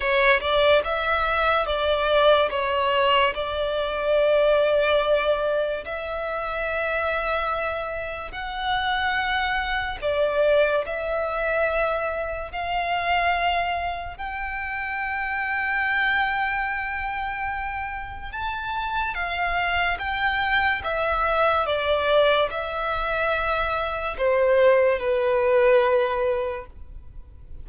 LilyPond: \new Staff \with { instrumentName = "violin" } { \time 4/4 \tempo 4 = 72 cis''8 d''8 e''4 d''4 cis''4 | d''2. e''4~ | e''2 fis''2 | d''4 e''2 f''4~ |
f''4 g''2.~ | g''2 a''4 f''4 | g''4 e''4 d''4 e''4~ | e''4 c''4 b'2 | }